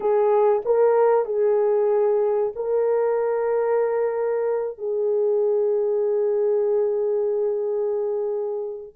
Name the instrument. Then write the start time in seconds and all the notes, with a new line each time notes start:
horn
0.00 G#4
0.65 A#4
1.24 G#4
2.55 A#4
4.78 G#4